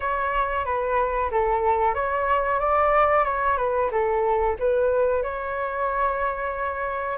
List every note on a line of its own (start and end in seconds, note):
0.00 0.65 C#5
0.65 1.30 B4
1.31 1.94 A4
1.94 2.59 C#5
2.59 3.24 D5
3.24 3.57 C#5
3.57 3.90 B4
3.91 4.56 A4
4.59 5.23 B4
5.23 7.17 C#5